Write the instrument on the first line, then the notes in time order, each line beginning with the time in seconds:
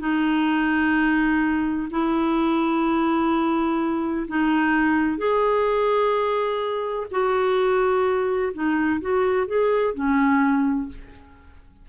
clarinet
0.00 D#4
1.91 E4
4.28 D#4
5.18 G#4
7.11 F#4
8.54 D#4
9.01 F#4
9.47 G#4
9.94 C#4